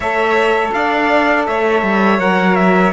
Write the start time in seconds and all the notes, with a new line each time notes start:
0.00 A3 A4 C#5 E5
0.72 D4 D5 F5
1.46 A3 C#5 E5
1.82 G3
2.19 F#3 A#4 F#5
2.55 E5